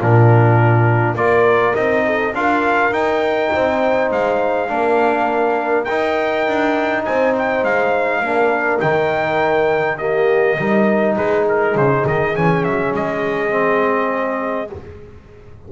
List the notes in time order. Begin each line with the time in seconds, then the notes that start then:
0.00 A#2 D4 F4 A#4
1.15 A#3 F4 A#4 D5
1.75 C4 D#4 D#5
2.06 A4
2.34 D4 F4 A#4 F5
2.91 D#4 G5
3.53 C4 C5
4.12 G#3 F5
4.68 A#3 D4 A#4
5.85 D#4 G5
6.47 D4
7.05 C4 C5 G#5
7.38 G5
7.64 G#3 F5
8.19 A#3 D4 A#4
8.80 D#3 D#4 G5
9.98 A#3 G4 D#5
10.58 G3 D#4 A#4
11.16 G#3 G#4 B4
11.49 A#4
11.75 C#3 C5
12.07 D#3 D#5
12.35 E3 C#4 G#5
12.64 F#3 E5
12.94 G#3 D#5
13.50 C4